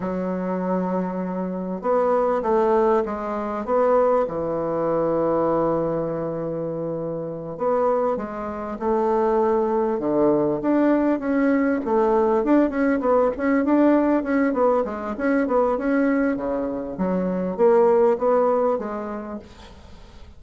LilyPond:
\new Staff \with { instrumentName = "bassoon" } { \time 4/4 \tempo 4 = 99 fis2. b4 | a4 gis4 b4 e4~ | e1~ | e8 b4 gis4 a4.~ |
a8 d4 d'4 cis'4 a8~ | a8 d'8 cis'8 b8 cis'8 d'4 cis'8 | b8 gis8 cis'8 b8 cis'4 cis4 | fis4 ais4 b4 gis4 | }